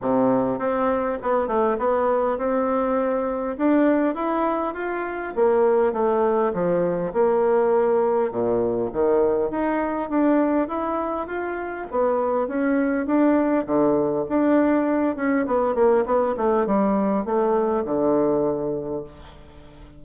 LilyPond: \new Staff \with { instrumentName = "bassoon" } { \time 4/4 \tempo 4 = 101 c4 c'4 b8 a8 b4 | c'2 d'4 e'4 | f'4 ais4 a4 f4 | ais2 ais,4 dis4 |
dis'4 d'4 e'4 f'4 | b4 cis'4 d'4 d4 | d'4. cis'8 b8 ais8 b8 a8 | g4 a4 d2 | }